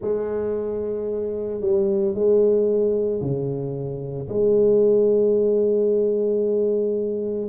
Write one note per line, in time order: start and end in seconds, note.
0.01 1.61 G#3
1.61 2.14 G3
2.14 3.21 G#3
3.21 4.28 C#3
4.29 7.48 G#3